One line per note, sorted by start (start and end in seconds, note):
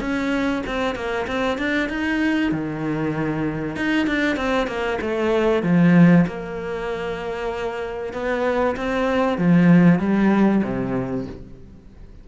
0.00 0.62 C#4
0.66 0.95 C4
0.95 1.26 A#3
1.27 1.58 C4
1.58 1.89 D4
1.89 2.51 D#4
2.51 3.76 D#3
3.76 4.06 D#4
4.06 4.36 D4
4.36 4.67 C4
4.67 4.98 A#3
5.01 5.63 A3
5.63 6.25 F3
6.27 8.13 A#3
8.13 8.76 B3
8.76 9.38 C4
9.38 9.99 F3
9.99 10.62 G3
10.64 11.26 C3